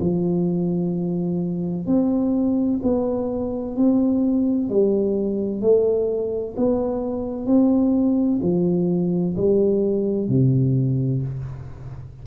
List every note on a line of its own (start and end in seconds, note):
0.00 1.87 F3
1.87 2.80 C4
2.83 3.76 B3
3.76 4.69 C4
4.69 5.62 G3
5.62 6.55 A3
6.57 7.46 B3
7.46 8.40 C4
8.42 9.36 F3
9.37 10.29 G3
10.29 11.22 C3